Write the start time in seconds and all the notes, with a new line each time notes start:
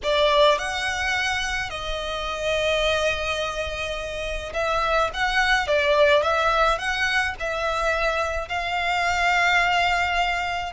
0.03 D5
0.58 F#5
1.70 D#5
4.53 E5
5.13 F#5
5.67 D5
6.23 E5
6.78 F#5
7.39 E5
8.48 F5